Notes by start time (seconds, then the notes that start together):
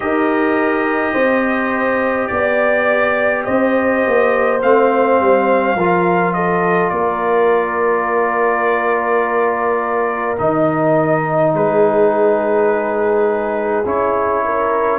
0.00 D#4 G4 A#4 D#5
1.13 C4 C5
2.27 B3 D5
3.44 C4 C5 D#5
4.06 A#3
4.62 A3 C4 F5
5.20 G3
5.75 F3 F4 A#4
6.33 A4 D#5
6.89 A#3 A#4 D5
10.37 D#3 D#4 D#5
11.53 G#3 G#4 B4
13.85 C#4 E4 C#5
14.44 A#4